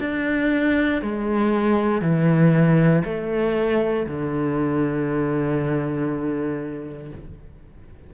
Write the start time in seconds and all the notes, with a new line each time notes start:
0.00 D4
1.02 G#3
2.02 E3
3.05 A3
4.06 D3